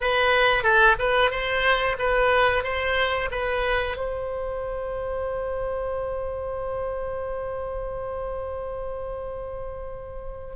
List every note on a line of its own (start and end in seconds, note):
0.00 0.63 B4
0.63 0.96 A4
0.99 1.30 B4
1.30 1.96 C5
1.98 2.63 B4
2.63 3.29 C5
3.31 3.96 B4
3.96 10.56 C5